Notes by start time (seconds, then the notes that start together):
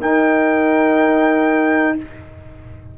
0.00 D#4 A#4 G5